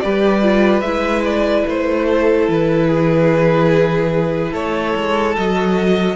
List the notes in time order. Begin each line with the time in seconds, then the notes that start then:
0.00 G3 G4 B4 D5
0.42 F4
0.81 G#3 E4 E5
1.24 D5
1.67 A3 C5
2.05 A4
2.48 E3 B4
2.87 G#4
4.51 A3 A4 C#5
4.95 G#3
5.36 F#3 F#4 D#5